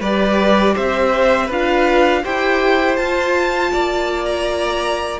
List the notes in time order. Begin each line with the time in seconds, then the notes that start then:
0.00 G3 G4 B4 D5
0.75 C4 C5 E5
1.46 D4 F4 B4 F5
2.24 E4 G4 C5 G5
2.96 F4 A5
3.72 A#3 D5
4.25 A#5